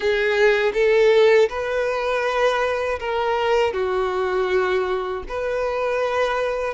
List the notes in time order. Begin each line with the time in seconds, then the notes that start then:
0.00 G#4
0.73 A4
1.49 B4
2.99 A#4
3.73 F#4
5.28 B4